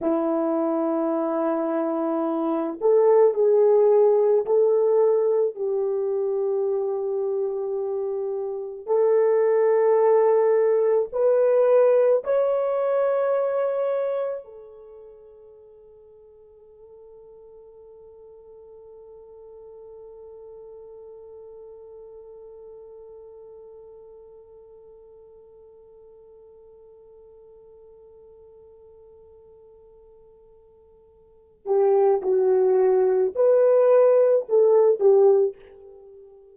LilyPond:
\new Staff \with { instrumentName = "horn" } { \time 4/4 \tempo 4 = 54 e'2~ e'8 a'8 gis'4 | a'4 g'2. | a'2 b'4 cis''4~ | cis''4 a'2.~ |
a'1~ | a'1~ | a'1~ | a'8 g'8 fis'4 b'4 a'8 g'8 | }